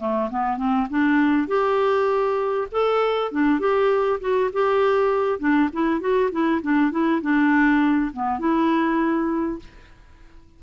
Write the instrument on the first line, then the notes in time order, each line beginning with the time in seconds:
clarinet
0.00 A3
0.31 B3
0.58 C4
0.91 D4
1.48 G4
2.72 A4
3.32 D4
3.60 G4
4.21 F#4
4.53 G4
5.40 D4
5.73 E4
6.01 F#4
6.32 E4
6.62 D4
6.91 E4
7.22 D4
8.13 B3
8.39 E4